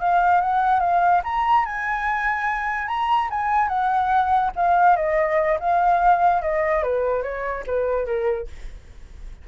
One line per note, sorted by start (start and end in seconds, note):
0.00 0.41 F5
0.41 0.80 F#5
0.80 1.22 F5
1.24 1.65 A#5
1.65 2.88 G#5
2.88 3.29 A#5
3.30 3.68 G#5
3.68 4.51 F#5
4.56 4.97 F5
4.97 5.59 D#5
5.60 6.42 F5
6.42 6.83 D#5
6.83 7.23 B4
7.23 7.64 C#5
7.67 8.06 B4
8.06 8.47 A#4